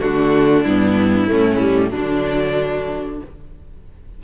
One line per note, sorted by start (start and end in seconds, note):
0.00 0.65 D3
0.00 0.64 A3
0.00 1.29 D4
0.00 0.63 F#4
0.63 1.29 G2
0.63 1.28 B3
0.63 1.91 E4
1.28 1.93 A2
1.28 1.60 A3
1.28 1.90 C#4
1.60 1.90 G3
1.90 3.20 D3
1.90 3.17 F#3
1.90 3.18 D4
1.90 3.23 D4